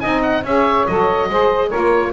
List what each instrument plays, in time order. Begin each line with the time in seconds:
0.00 double bass C4, saxophone D#4 D#5, oboe G#5
0.22 oboe F#5
0.44 double bass C#4, saxophone G#4 C#5, oboe E5
0.86 double bass F#3, saxophone A4, oboe D#5
1.29 double bass G#3, saxophone G#4 C5
1.68 saxophone F4 A#4, oboe C#5
1.76 double bass A#3